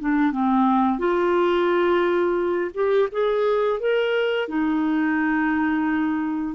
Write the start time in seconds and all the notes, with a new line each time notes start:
0.00 D4
0.32 C4
0.99 F4
2.74 G4
3.12 G#4
3.80 A#4
4.49 D#4